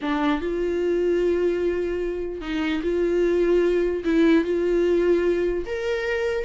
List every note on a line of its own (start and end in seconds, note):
0.01 0.41 D4
0.41 2.41 F4
2.41 2.81 D#4
2.82 4.03 F4
4.04 4.44 E4
4.44 5.65 F4
5.66 6.44 A#4